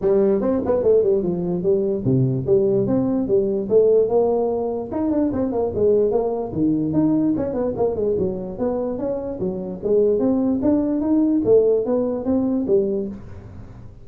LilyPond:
\new Staff \with { instrumentName = "tuba" } { \time 4/4 \tempo 4 = 147 g4 c'8 b8 a8 g8 f4 | g4 c4 g4 c'4 | g4 a4 ais2 | dis'8 d'8 c'8 ais8 gis4 ais4 |
dis4 dis'4 cis'8 b8 ais8 gis8 | fis4 b4 cis'4 fis4 | gis4 c'4 d'4 dis'4 | a4 b4 c'4 g4 | }